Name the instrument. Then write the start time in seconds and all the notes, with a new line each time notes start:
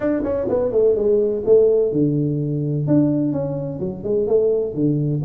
tuba
0.00 D4
0.23 C#4
0.48 B3
0.72 A3
0.95 G#3
1.45 A3
1.92 D3
2.87 D4
3.32 C#4
3.79 F#3
4.03 G#3
4.27 A3
4.74 D3